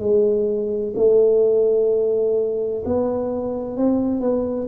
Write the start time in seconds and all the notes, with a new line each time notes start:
0.00 G#3
0.97 A3
2.86 B3
3.77 C4
4.21 B3